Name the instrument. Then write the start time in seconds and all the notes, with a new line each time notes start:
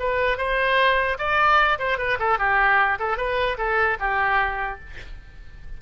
oboe
0.00 B4
0.38 C5
1.19 D5
1.79 C5
1.98 B4
2.20 A4
2.39 G4
3.00 A4
3.18 B4
3.58 A4
4.00 G4